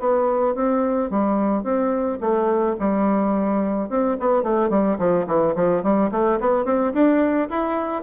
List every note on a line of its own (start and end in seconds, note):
0.00 0.55 B3
0.55 1.11 C4
1.11 1.64 G3
1.64 2.19 C4
2.21 2.76 A3
2.80 3.90 G3
3.90 4.17 C4
4.20 4.43 B3
4.43 4.70 A3
4.70 4.98 G3
4.99 5.27 F3
5.27 5.55 E3
5.56 5.83 F3
5.83 6.11 G3
6.12 6.40 A3
6.40 6.65 B3
6.65 6.93 C4
6.94 7.49 D4
7.50 8.03 E4